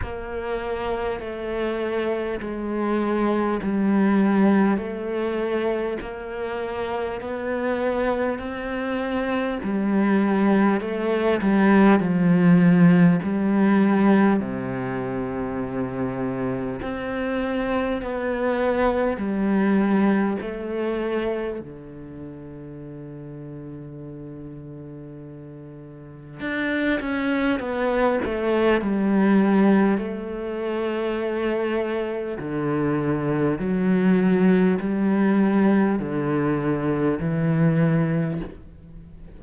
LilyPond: \new Staff \with { instrumentName = "cello" } { \time 4/4 \tempo 4 = 50 ais4 a4 gis4 g4 | a4 ais4 b4 c'4 | g4 a8 g8 f4 g4 | c2 c'4 b4 |
g4 a4 d2~ | d2 d'8 cis'8 b8 a8 | g4 a2 d4 | fis4 g4 d4 e4 | }